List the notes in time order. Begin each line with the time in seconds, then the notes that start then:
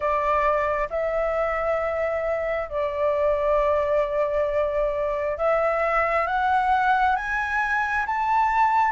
0.00 D5
0.90 E5
2.69 D5
5.37 E5
6.26 F#5
7.16 G#5
8.06 A5